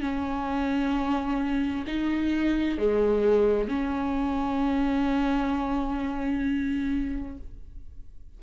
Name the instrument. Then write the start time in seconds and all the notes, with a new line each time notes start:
viola
0.00 C#4
1.87 D#4
2.78 G#3
3.68 C#4